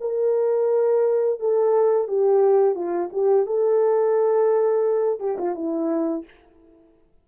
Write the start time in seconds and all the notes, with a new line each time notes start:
0.00 A#4
1.40 A4
2.08 G4
2.75 F4
3.12 G4
3.46 A4
5.20 G4
5.38 F4
5.55 E4